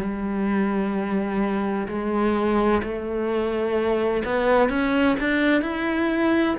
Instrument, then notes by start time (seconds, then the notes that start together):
cello
0.00 G3
1.88 G#3
2.83 A3
4.25 B3
4.70 C#4
5.20 D4
5.62 E4